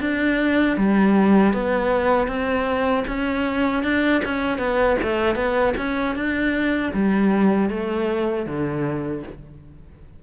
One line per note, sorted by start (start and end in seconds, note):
0.00 0.77 D4
0.77 1.53 G3
1.53 2.27 B3
2.27 3.04 C4
3.07 3.83 C#4
3.83 4.22 D4
4.24 4.58 C#4
4.58 4.97 B3
5.02 5.35 A3
5.35 5.73 B3
5.77 6.15 C#4
6.15 6.92 D4
6.93 7.70 G3
7.70 8.46 A3
8.46 9.23 D3